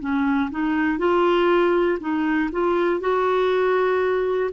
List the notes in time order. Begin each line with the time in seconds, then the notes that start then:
0.00 C#4
0.51 D#4
0.98 F4
2.00 D#4
2.52 F4
3.00 F#4